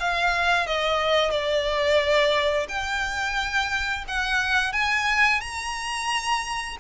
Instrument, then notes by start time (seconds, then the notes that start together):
violin
0.00 F5
0.67 D#5
1.31 D5
2.69 G5
4.08 F#5
4.73 G#5
5.41 A#5